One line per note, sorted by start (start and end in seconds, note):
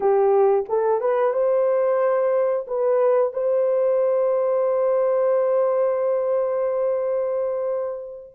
0.00 0.65 G4
0.68 1.00 A4
1.00 1.33 B4
1.33 2.66 C5
2.67 3.33 B4
3.33 8.33 C5